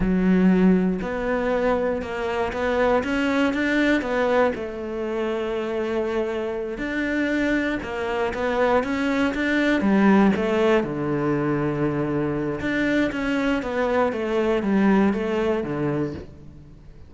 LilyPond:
\new Staff \with { instrumentName = "cello" } { \time 4/4 \tempo 4 = 119 fis2 b2 | ais4 b4 cis'4 d'4 | b4 a2.~ | a4. d'2 ais8~ |
ais8 b4 cis'4 d'4 g8~ | g8 a4 d2~ d8~ | d4 d'4 cis'4 b4 | a4 g4 a4 d4 | }